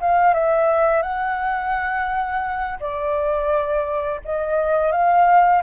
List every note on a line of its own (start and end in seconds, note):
0.00 0.34 F5
0.34 1.02 E5
1.02 2.79 F#5
2.79 4.21 D5
4.24 4.92 D#5
4.92 5.62 F5